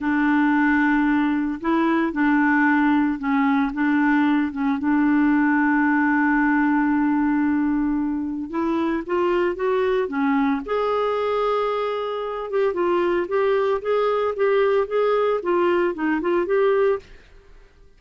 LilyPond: \new Staff \with { instrumentName = "clarinet" } { \time 4/4 \tempo 4 = 113 d'2. e'4 | d'2 cis'4 d'4~ | d'8 cis'8 d'2.~ | d'1 |
e'4 f'4 fis'4 cis'4 | gis'2.~ gis'8 g'8 | f'4 g'4 gis'4 g'4 | gis'4 f'4 dis'8 f'8 g'4 | }